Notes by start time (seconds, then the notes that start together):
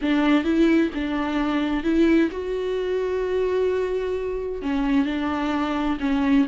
0.01 D4
0.44 E4
0.94 D4
1.83 E4
2.31 F#4
4.62 C#4
5.05 D4
6.00 C#4